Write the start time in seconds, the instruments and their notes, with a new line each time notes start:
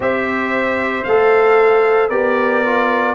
0.00 tuba C4, trombone G4, horn C5, trumpet E5
1.04 tuba A3, trombone A4, trumpet F5
2.09 tuba B3, trombone G4, horn A#4, trumpet D5
2.64 trombone F4